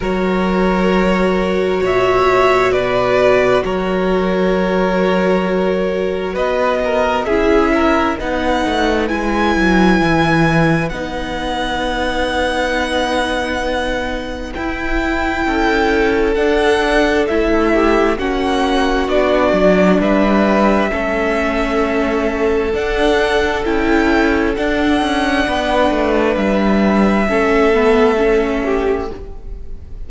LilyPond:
<<
  \new Staff \with { instrumentName = "violin" } { \time 4/4 \tempo 4 = 66 cis''2 e''4 d''4 | cis''2. dis''4 | e''4 fis''4 gis''2 | fis''1 |
g''2 fis''4 e''4 | fis''4 d''4 e''2~ | e''4 fis''4 g''4 fis''4~ | fis''4 e''2. | }
  \new Staff \with { instrumentName = "violin" } { \time 4/4 ais'2 cis''4 b'4 | ais'2. b'8 ais'8 | gis'8 ais'8 b'2.~ | b'1~ |
b'4 a'2~ a'8 g'8 | fis'2 b'4 a'4~ | a'1 | b'2 a'4. g'8 | }
  \new Staff \with { instrumentName = "viola" } { \time 4/4 fis'1~ | fis'1 | e'4 dis'4 e'2 | dis'1 |
e'2 d'4 e'4 | cis'4 d'2 cis'4~ | cis'4 d'4 e'4 d'4~ | d'2 cis'8 b8 cis'4 | }
  \new Staff \with { instrumentName = "cello" } { \time 4/4 fis2 ais,4 b,4 | fis2. b4 | cis'4 b8 a8 gis8 fis8 e4 | b1 |
e'4 cis'4 d'4 a4 | ais4 b8 fis8 g4 a4~ | a4 d'4 cis'4 d'8 cis'8 | b8 a8 g4 a2 | }
>>